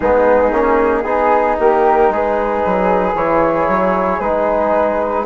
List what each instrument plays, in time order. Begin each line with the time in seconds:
0.00 bassoon G#3, trombone B3, flute D#4 G#4
0.52 bassoon A#3, trombone C#4
1.03 bassoon B3, trombone D#4, flute G#4
1.59 bassoon A#3, flute G4 A#4
2.09 bassoon G#3, flute G#4 B4
2.66 bassoon F#3
3.14 bassoon E3, trombone E4, flute C#5
3.67 bassoon F#3
4.20 bassoon G#3, trombone D#4, flute B4